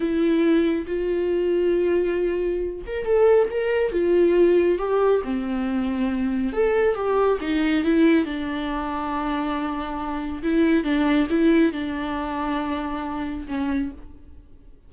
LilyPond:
\new Staff \with { instrumentName = "viola" } { \time 4/4 \tempo 4 = 138 e'2 f'2~ | f'2~ f'8 ais'8 a'4 | ais'4 f'2 g'4 | c'2. a'4 |
g'4 dis'4 e'4 d'4~ | d'1 | e'4 d'4 e'4 d'4~ | d'2. cis'4 | }